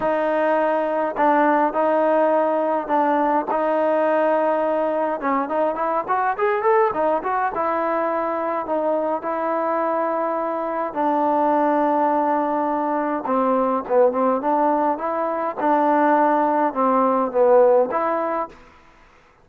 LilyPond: \new Staff \with { instrumentName = "trombone" } { \time 4/4 \tempo 4 = 104 dis'2 d'4 dis'4~ | dis'4 d'4 dis'2~ | dis'4 cis'8 dis'8 e'8 fis'8 gis'8 a'8 | dis'8 fis'8 e'2 dis'4 |
e'2. d'4~ | d'2. c'4 | b8 c'8 d'4 e'4 d'4~ | d'4 c'4 b4 e'4 | }